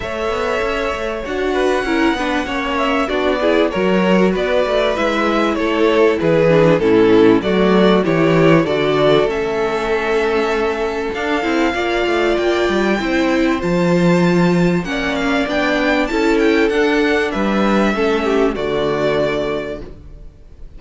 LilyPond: <<
  \new Staff \with { instrumentName = "violin" } { \time 4/4 \tempo 4 = 97 e''2 fis''2~ | fis''8 e''8 d''4 cis''4 d''4 | e''4 cis''4 b'4 a'4 | d''4 cis''4 d''4 e''4~ |
e''2 f''2 | g''2 a''2 | fis''8 f''8 g''4 a''8 g''8 fis''4 | e''2 d''2 | }
  \new Staff \with { instrumentName = "violin" } { \time 4/4 cis''2~ cis''8 b'8 ais'8 b'8 | cis''4 fis'8 gis'8 ais'4 b'4~ | b'4 a'4 gis'4 e'4 | fis'4 g'4 a'2~ |
a'2. d''4~ | d''4 c''2. | d''2 a'2 | b'4 a'8 g'8 fis'2 | }
  \new Staff \with { instrumentName = "viola" } { \time 4/4 a'2 fis'4 e'8 d'8 | cis'4 d'8 e'8 fis'2 | e'2~ e'8 d'8 cis'4 | a4 e'4 fis'4 cis'4~ |
cis'2 d'8 e'8 f'4~ | f'4 e'4 f'2 | cis'4 d'4 e'4 d'4~ | d'4 cis'4 a2 | }
  \new Staff \with { instrumentName = "cello" } { \time 4/4 a8 b8 cis'8 a8 d'4 cis'8 b8 | ais4 b4 fis4 b8 a8 | gis4 a4 e4 a,4 | fis4 e4 d4 a4~ |
a2 d'8 c'8 ais8 a8 | ais8 g8 c'4 f2 | ais4 b4 cis'4 d'4 | g4 a4 d2 | }
>>